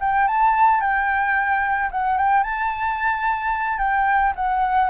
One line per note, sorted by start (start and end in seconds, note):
0.00 0.27 G5
0.28 0.81 A5
0.81 1.90 G5
1.91 2.17 F#5
2.17 2.43 G5
2.43 3.78 A5
3.78 4.33 G5
4.35 4.90 F#5